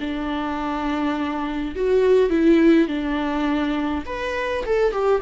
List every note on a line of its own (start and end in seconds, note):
0.00 1.75 D4
1.75 2.30 F#4
2.30 2.88 E4
2.88 4.04 D4
4.06 4.64 B4
4.65 4.92 A4
4.92 5.21 G4